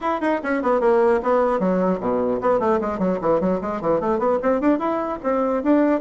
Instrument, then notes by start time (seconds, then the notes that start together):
bassoon
0.00 E4
0.20 D#4
0.43 C#4
0.62 B3
0.80 A#3
1.22 B3
1.59 F#3
2.00 B2
2.41 B3
2.59 A3
2.80 G#3
2.99 F#3
3.21 E3
3.40 F#3
3.61 G#3
3.81 E3
4.00 A3
4.18 B3
4.42 C4
4.60 D4
4.78 E4
5.23 C4
5.63 D4